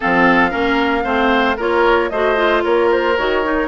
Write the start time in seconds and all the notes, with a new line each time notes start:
0.00 F3 C4 A4 F5
0.50 A#3 C#4 A#4
1.04 A3 C4 C5
1.56 A#3 F4 A#4 C#5
2.09 A3 F#4 C5 D#5
2.36 F4
2.63 A#3 A#4 C#5
2.91 C5
3.17 D#3 F#4 C#5
3.43 D#4